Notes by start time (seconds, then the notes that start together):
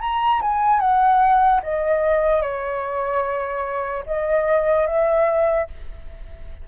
0.00 A#5
0.41 G#5
0.80 F#5
1.62 D#5
2.41 C#5
4.06 D#5
4.86 E5